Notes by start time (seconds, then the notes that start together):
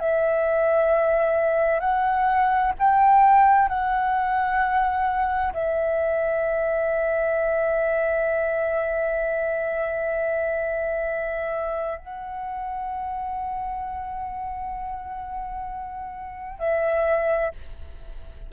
0.00 E5
1.80 F#5
2.79 G5
3.68 F#5
5.53 E5
11.99 F#5
16.59 E5